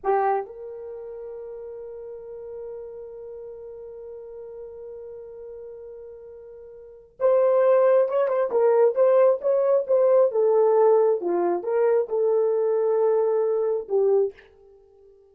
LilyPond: \new Staff \with { instrumentName = "horn" } { \time 4/4 \tempo 4 = 134 g'4 ais'2.~ | ais'1~ | ais'1~ | ais'1 |
c''2 cis''8 c''8 ais'4 | c''4 cis''4 c''4 a'4~ | a'4 f'4 ais'4 a'4~ | a'2. g'4 | }